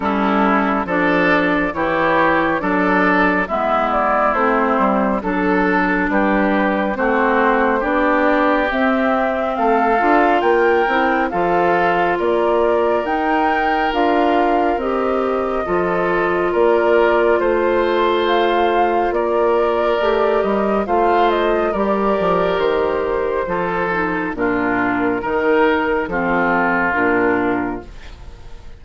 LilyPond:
<<
  \new Staff \with { instrumentName = "flute" } { \time 4/4 \tempo 4 = 69 a'4 d''4 cis''4 d''4 | e''8 d''8 c''4 a'4 b'4 | c''4 d''4 e''4 f''4 | g''4 f''4 d''4 g''4 |
f''4 dis''2 d''4 | c''4 f''4 d''4. dis''8 | f''8 dis''8 d''4 c''2 | ais'2 a'4 ais'4 | }
  \new Staff \with { instrumentName = "oboe" } { \time 4/4 e'4 a'4 g'4 a'4 | e'2 a'4 g'4 | fis'4 g'2 a'4 | ais'4 a'4 ais'2~ |
ais'2 a'4 ais'4 | c''2 ais'2 | c''4 ais'2 a'4 | f'4 ais'4 f'2 | }
  \new Staff \with { instrumentName = "clarinet" } { \time 4/4 cis'4 d'4 e'4 d'4 | b4 c'4 d'2 | c'4 d'4 c'4. f'8~ | f'8 e'8 f'2 dis'4 |
f'4 g'4 f'2~ | f'2. g'4 | f'4 g'2 f'8 dis'8 | d'4 dis'4 c'4 d'4 | }
  \new Staff \with { instrumentName = "bassoon" } { \time 4/4 g4 f4 e4 fis4 | gis4 a8 g8 fis4 g4 | a4 b4 c'4 a8 d'8 | ais8 c'8 f4 ais4 dis'4 |
d'4 c'4 f4 ais4 | a2 ais4 a8 g8 | a4 g8 f8 dis4 f4 | ais,4 dis4 f4 ais,4 | }
>>